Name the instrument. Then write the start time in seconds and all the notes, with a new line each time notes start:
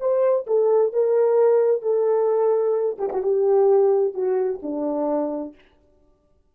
horn
0.00 C5
0.47 A4
0.93 A#4
1.82 A4
2.99 G4
3.13 F#4
3.23 G4
4.14 F#4
4.62 D4